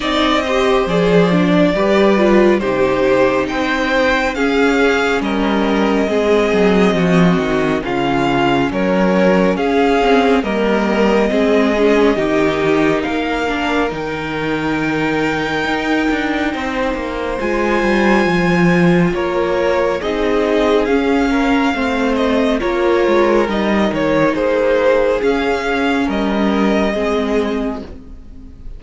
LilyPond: <<
  \new Staff \with { instrumentName = "violin" } { \time 4/4 \tempo 4 = 69 dis''4 d''2 c''4 | g''4 f''4 dis''2~ | dis''4 f''4 cis''4 f''4 | dis''2. f''4 |
g''1 | gis''2 cis''4 dis''4 | f''4. dis''8 cis''4 dis''8 cis''8 | c''4 f''4 dis''2 | }
  \new Staff \with { instrumentName = "violin" } { \time 4/4 d''8 c''4. b'4 g'4 | c''4 gis'4 ais'4 gis'4 | fis'4 f'4 ais'4 gis'4 | ais'4 gis'4 g'4 ais'4~ |
ais'2. c''4~ | c''2 ais'4 gis'4~ | gis'8 ais'8 c''4 ais'2 | gis'2 ais'4 gis'4 | }
  \new Staff \with { instrumentName = "viola" } { \time 4/4 dis'8 g'8 gis'8 d'8 g'8 f'8 dis'4~ | dis'4 cis'2 c'4~ | c'4 cis'2~ cis'8 c'8 | ais4 c'8 cis'8 dis'4. d'8 |
dis'1 | f'2. dis'4 | cis'4 c'4 f'4 dis'4~ | dis'4 cis'2 c'4 | }
  \new Staff \with { instrumentName = "cello" } { \time 4/4 c'4 f4 g4 c4 | c'4 cis'4 g4 gis8 fis8 | f8 dis8 cis4 fis4 cis'4 | g4 gis4 dis4 ais4 |
dis2 dis'8 d'8 c'8 ais8 | gis8 g8 f4 ais4 c'4 | cis'4 a4 ais8 gis8 g8 dis8 | ais4 cis'4 g4 gis4 | }
>>